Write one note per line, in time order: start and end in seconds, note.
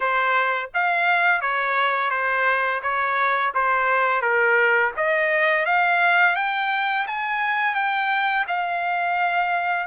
0.00 0.70 C5
0.74 1.41 F5
1.41 2.10 C#5
2.10 2.81 C5
2.82 3.53 C#5
3.54 4.21 C5
4.21 4.92 A#4
4.96 5.65 D#5
5.65 6.35 F5
6.35 7.06 G5
7.07 7.74 G#5
7.74 8.45 G5
8.47 9.86 F5